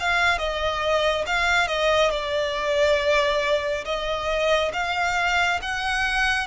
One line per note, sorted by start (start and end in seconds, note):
0.00 0.38 F5
0.38 1.25 D#5
1.26 1.68 F5
1.68 2.11 D#5
2.11 3.85 D5
3.85 4.72 D#5
4.74 5.60 F5
5.62 6.47 F#5